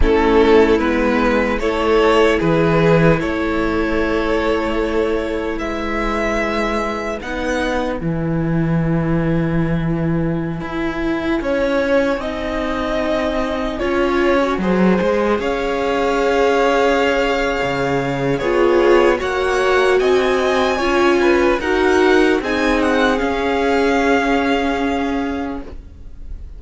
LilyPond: <<
  \new Staff \with { instrumentName = "violin" } { \time 4/4 \tempo 4 = 75 a'4 b'4 cis''4 b'4 | cis''2. e''4~ | e''4 fis''4 gis''2~ | gis''1~ |
gis''2.~ gis''16 f''8.~ | f''2. cis''4 | fis''4 gis''2 fis''4 | gis''8 fis''8 f''2. | }
  \new Staff \with { instrumentName = "violin" } { \time 4/4 e'2 a'4 gis'4 | a'2. b'4~ | b'1~ | b'2~ b'16 cis''4 dis''8.~ |
dis''4~ dis''16 cis''4 c''4 cis''8.~ | cis''2. gis'4 | cis''4 dis''4 cis''8 b'8 ais'4 | gis'1 | }
  \new Staff \with { instrumentName = "viola" } { \time 4/4 cis'4 b4 e'2~ | e'1~ | e'4 dis'4 e'2~ | e'2.~ e'16 dis'8.~ |
dis'4~ dis'16 f'8. fis'16 gis'4.~ gis'16~ | gis'2. f'4 | fis'2 f'4 fis'4 | dis'4 cis'2. | }
  \new Staff \with { instrumentName = "cello" } { \time 4/4 a4 gis4 a4 e4 | a2. gis4~ | gis4 b4 e2~ | e4~ e16 e'4 cis'4 c'8.~ |
c'4~ c'16 cis'4 fis8 gis8 cis'8.~ | cis'2 cis4 b4 | ais4 c'4 cis'4 dis'4 | c'4 cis'2. | }
>>